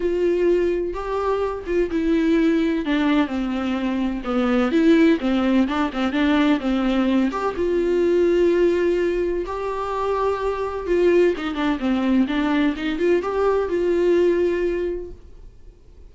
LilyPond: \new Staff \with { instrumentName = "viola" } { \time 4/4 \tempo 4 = 127 f'2 g'4. f'8 | e'2 d'4 c'4~ | c'4 b4 e'4 c'4 | d'8 c'8 d'4 c'4. g'8 |
f'1 | g'2. f'4 | dis'8 d'8 c'4 d'4 dis'8 f'8 | g'4 f'2. | }